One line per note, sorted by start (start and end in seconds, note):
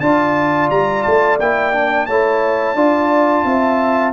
0.00 0.69 D4
0.00 1.40 F4
0.00 2.07 D5
0.00 0.69 A5
0.70 1.05 G3
0.70 1.03 A#5
1.03 1.40 A3
1.03 1.37 A5
1.40 2.09 A#3
1.40 1.73 E4
1.40 2.06 G5
1.73 2.07 D4
2.06 2.75 A3
2.06 2.76 E4
2.06 2.76 C#5
2.06 4.13 A5
2.75 3.44 D4
2.75 4.13 F4
2.75 3.45 D5
3.45 4.13 C4
3.45 4.13 E5